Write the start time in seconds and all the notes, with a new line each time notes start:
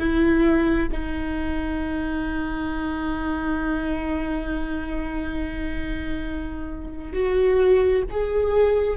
0.00 E4
0.92 D#4
7.13 F#4
8.10 G#4